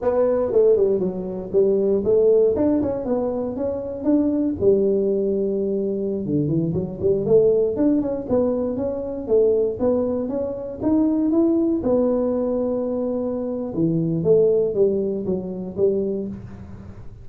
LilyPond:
\new Staff \with { instrumentName = "tuba" } { \time 4/4 \tempo 4 = 118 b4 a8 g8 fis4 g4 | a4 d'8 cis'8 b4 cis'4 | d'4 g2.~ | g16 d8 e8 fis8 g8 a4 d'8 cis'16~ |
cis'16 b4 cis'4 a4 b8.~ | b16 cis'4 dis'4 e'4 b8.~ | b2. e4 | a4 g4 fis4 g4 | }